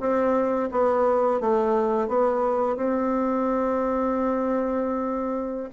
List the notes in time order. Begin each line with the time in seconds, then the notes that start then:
0.00 C4
0.71 B3
1.40 A3
2.08 B3
2.76 C4